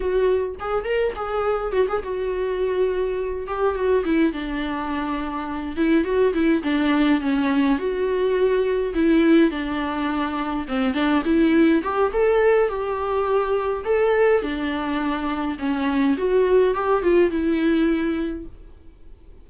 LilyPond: \new Staff \with { instrumentName = "viola" } { \time 4/4 \tempo 4 = 104 fis'4 gis'8 ais'8 gis'4 fis'16 gis'16 fis'8~ | fis'2 g'8 fis'8 e'8 d'8~ | d'2 e'8 fis'8 e'8 d'8~ | d'8 cis'4 fis'2 e'8~ |
e'8 d'2 c'8 d'8 e'8~ | e'8 g'8 a'4 g'2 | a'4 d'2 cis'4 | fis'4 g'8 f'8 e'2 | }